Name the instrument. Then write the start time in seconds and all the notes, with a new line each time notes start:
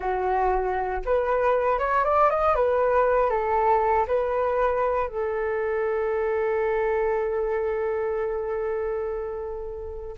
flute
0.00 F#4
1.05 B4
1.78 C#5
2.04 D5
2.30 D#5
2.55 B4
3.30 A4
4.07 B4
5.08 A4